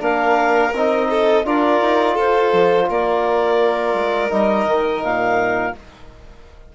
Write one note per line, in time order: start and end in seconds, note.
0.00 0.72 A#3
0.00 0.71 D4
0.00 1.08 A#4
0.00 0.74 F5
0.74 1.44 C4
0.74 1.45 D#4
0.74 1.46 D#5
1.10 1.46 A4
1.44 1.80 D4
1.44 4.30 F4
1.44 2.15 A#4
1.44 2.17 D5
1.81 2.17 D#4
2.15 2.53 F4
2.15 2.86 A4
2.15 2.90 C5
2.53 2.89 F3
2.89 3.94 A#3
2.89 5.75 A#4
2.89 4.32 D5
3.94 4.30 G#3
4.30 4.66 G3
4.30 5.73 D#4
4.30 5.03 D#5
4.66 5.02 D#3
5.03 5.74 A#2
5.03 5.75 F5